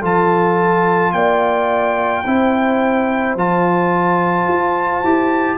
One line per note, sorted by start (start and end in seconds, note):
0.00 1.13 F3
0.00 2.24 F4
0.00 1.11 A4
0.00 1.12 A5
1.12 2.24 A#3
1.12 2.25 D5
1.12 3.35 G5
2.25 3.36 C4
2.25 3.37 E4
2.25 5.58 C5
3.36 4.47 F3
3.36 5.04 F4
3.36 5.58 A5
4.47 5.03 F4
5.04 5.58 E4
5.04 5.58 G4